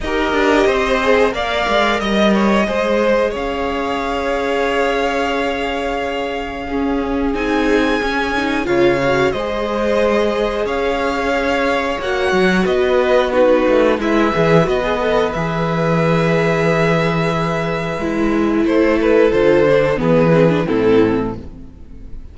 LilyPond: <<
  \new Staff \with { instrumentName = "violin" } { \time 4/4 \tempo 4 = 90 dis''2 f''4 dis''4~ | dis''4 f''2.~ | f''2. gis''4~ | gis''4 f''4 dis''2 |
f''2 fis''4 dis''4 | b'4 e''4 dis''4 e''4~ | e''1 | c''8 b'8 c''4 b'4 a'4 | }
  \new Staff \with { instrumentName = "violin" } { \time 4/4 ais'4 c''4 d''4 dis''8 cis''8 | c''4 cis''2.~ | cis''2 gis'2~ | gis'4 cis''4 c''2 |
cis''2. b'4 | fis'4 b'2.~ | b'1 | a'2 gis'4 e'4 | }
  \new Staff \with { instrumentName = "viola" } { \time 4/4 g'4. gis'8 ais'2 | gis'1~ | gis'2 cis'4 dis'4 | cis'8 dis'8 f'8 fis'8 gis'2~ |
gis'2 fis'2 | dis'4 e'8 gis'8 fis'16 gis'16 a'8 gis'4~ | gis'2. e'4~ | e'4 f'8 d'8 b8 c'16 d'16 c'4 | }
  \new Staff \with { instrumentName = "cello" } { \time 4/4 dis'8 d'8 c'4 ais8 gis8 g4 | gis4 cis'2.~ | cis'2. c'4 | cis'4 cis4 gis2 |
cis'2 ais8 fis8 b4~ | b8 a8 gis8 e8 b4 e4~ | e2. gis4 | a4 d4 e4 a,4 | }
>>